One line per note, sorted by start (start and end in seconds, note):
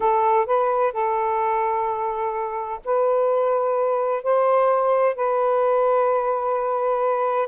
0.00 0.46 A4
0.46 0.92 B4
0.92 2.80 A4
2.84 4.23 B4
4.23 5.15 C5
5.15 7.48 B4